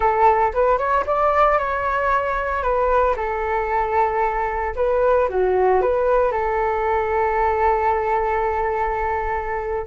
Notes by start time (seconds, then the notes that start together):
0.00 A4
0.53 B4
0.78 C#5
1.06 D5
1.58 C#5
2.62 B4
3.16 A4
4.75 B4
5.28 F#4
5.81 B4
6.31 A4